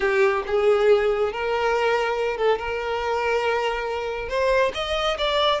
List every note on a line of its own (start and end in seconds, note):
0.00 0.43 G4
0.47 1.32 G#4
1.32 2.37 A#4
2.37 2.58 A4
2.59 4.29 A#4
4.29 4.72 C5
4.74 5.17 D#5
5.18 5.60 D5